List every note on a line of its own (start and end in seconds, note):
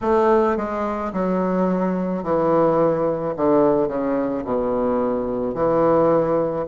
0.01 0.56 A3
0.56 1.12 G#3
1.12 2.23 F#3
2.23 3.34 E3
3.36 3.88 D3
3.88 4.43 C#3
4.44 5.54 B2
5.54 6.65 E3